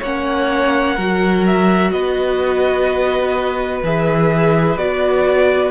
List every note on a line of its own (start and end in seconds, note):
0.00 0.98 A#3
0.00 0.98 C#4
0.00 0.95 C#5
0.00 1.46 F#5
0.95 1.92 F#3
0.95 3.84 F#4
0.95 1.90 A#4
1.47 1.91 E5
1.91 3.83 B3
1.91 5.71 B4
1.91 3.82 D#5
3.83 4.77 E3
3.83 4.78 G#4
3.83 4.78 E5
4.77 5.71 B3
4.77 5.71 F#4
4.77 5.71 D5